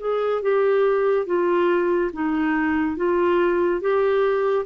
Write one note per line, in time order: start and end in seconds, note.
0.00 0.42 G#4
0.42 1.26 G4
1.26 2.11 F4
2.13 2.97 D#4
2.97 3.81 F4
3.81 4.66 G4